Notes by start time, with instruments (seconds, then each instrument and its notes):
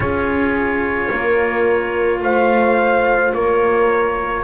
0.00 double bass C#4, cello F4, horn G#4, trumpet C#5
1.11 double bass A#3, horn A#4
2.22 double bass A3, horn C5, trumpet F5
3.34 double bass A#3, horn A#4, trumpet C#5